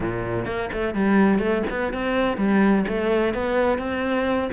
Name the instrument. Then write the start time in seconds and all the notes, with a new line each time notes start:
cello
0.00 A#2
0.45 A#3
0.72 A3
0.94 G3
1.39 A3
1.70 B3
1.93 C4
2.37 G3
2.87 A3
3.34 B3
3.78 C4